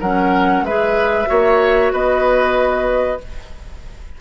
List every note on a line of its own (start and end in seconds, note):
0.00 0.62 F#3
0.00 0.67 C#4
0.00 0.64 A#4
0.00 0.65 F#5
0.62 1.26 G#3
0.62 1.26 G#4
0.62 1.29 B4
0.62 1.92 E5
1.26 1.92 A#3
1.26 3.17 F#4
1.26 1.92 C#5
1.92 3.20 B3
1.92 3.20 B4
1.92 3.20 D#5